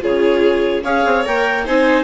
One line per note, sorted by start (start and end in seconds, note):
0.00 0.84 C#3
0.00 0.82 F4
0.00 0.83 G#4
0.00 0.84 C#5
0.83 1.04 C#4
0.83 1.25 G#4
0.83 1.65 C#5
0.83 1.25 F5
1.05 1.26 C4
1.25 1.67 A#3
1.25 1.65 A#4
1.25 1.66 G5
1.65 2.04 C4
1.65 2.04 D#4
1.65 2.04 C5
1.65 2.04 G#5